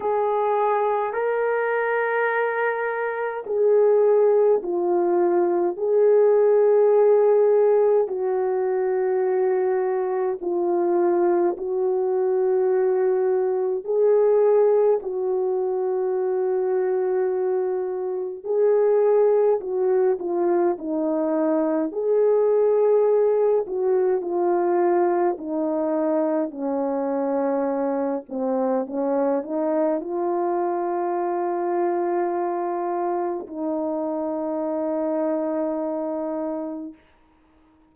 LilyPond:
\new Staff \with { instrumentName = "horn" } { \time 4/4 \tempo 4 = 52 gis'4 ais'2 gis'4 | f'4 gis'2 fis'4~ | fis'4 f'4 fis'2 | gis'4 fis'2. |
gis'4 fis'8 f'8 dis'4 gis'4~ | gis'8 fis'8 f'4 dis'4 cis'4~ | cis'8 c'8 cis'8 dis'8 f'2~ | f'4 dis'2. | }